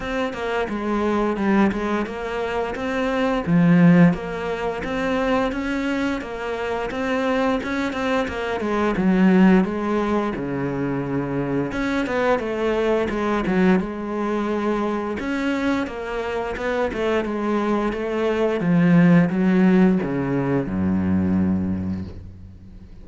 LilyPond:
\new Staff \with { instrumentName = "cello" } { \time 4/4 \tempo 4 = 87 c'8 ais8 gis4 g8 gis8 ais4 | c'4 f4 ais4 c'4 | cis'4 ais4 c'4 cis'8 c'8 | ais8 gis8 fis4 gis4 cis4~ |
cis4 cis'8 b8 a4 gis8 fis8 | gis2 cis'4 ais4 | b8 a8 gis4 a4 f4 | fis4 cis4 fis,2 | }